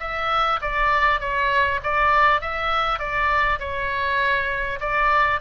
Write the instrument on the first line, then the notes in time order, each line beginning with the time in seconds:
oboe
0.00 E5
0.62 D5
1.20 C#5
1.83 D5
2.41 E5
2.99 D5
3.59 C#5
4.80 D5